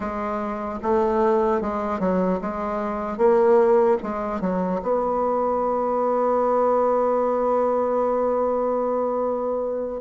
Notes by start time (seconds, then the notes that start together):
0.00 G#3
0.82 A3
1.61 G#3
1.99 F#3
2.41 G#3
3.17 A#3
4.03 G#3
4.40 F#3
4.82 B3